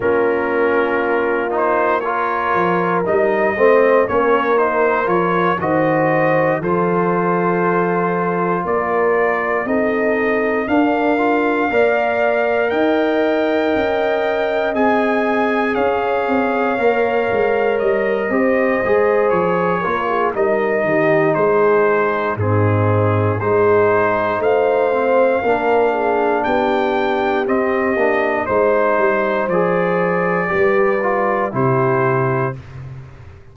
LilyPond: <<
  \new Staff \with { instrumentName = "trumpet" } { \time 4/4 \tempo 4 = 59 ais'4. c''8 cis''4 dis''4 | cis''8 c''8 cis''8 dis''4 c''4.~ | c''8 d''4 dis''4 f''4.~ | f''8 g''2 gis''4 f''8~ |
f''4. dis''4. cis''4 | dis''4 c''4 gis'4 c''4 | f''2 g''4 dis''4 | c''4 d''2 c''4 | }
  \new Staff \with { instrumentName = "horn" } { \time 4/4 f'2 ais'4. c''8 | ais'4. c''4 a'4.~ | a'8 ais'4 a'4 ais'4 d''8~ | d''8 dis''2. cis''8~ |
cis''2 c''4. ais'16 gis'16 | ais'8 g'8 gis'4 dis'4 gis'4 | c''4 ais'8 gis'8 g'2 | c''2 b'4 g'4 | }
  \new Staff \with { instrumentName = "trombone" } { \time 4/4 cis'4. dis'8 f'4 dis'8 c'8 | cis'8 dis'8 f'8 fis'4 f'4.~ | f'4. dis'4 d'8 f'8 ais'8~ | ais'2~ ais'8 gis'4.~ |
gis'8 ais'4. g'8 gis'4 f'8 | dis'2 c'4 dis'4~ | dis'8 c'8 d'2 c'8 d'8 | dis'4 gis'4 g'8 f'8 e'4 | }
  \new Staff \with { instrumentName = "tuba" } { \time 4/4 ais2~ ais8 f8 g8 a8 | ais4 f8 dis4 f4.~ | f8 ais4 c'4 d'4 ais8~ | ais8 dis'4 cis'4 c'4 cis'8 |
c'8 ais8 gis8 g8 c'8 gis8 f8 ais8 | g8 dis8 gis4 gis,4 gis4 | a4 ais4 b4 c'8 ais8 | gis8 g8 f4 g4 c4 | }
>>